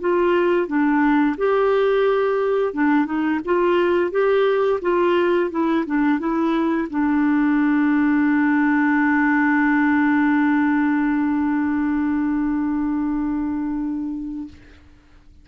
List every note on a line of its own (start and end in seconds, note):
0.00 0.67 F4
0.67 1.36 D4
1.37 2.73 G4
2.73 3.05 D4
3.05 3.40 D#4
3.45 4.11 F4
4.11 4.80 G4
4.81 5.50 F4
5.50 5.85 E4
5.86 6.18 D4
6.18 6.87 E4
6.89 14.48 D4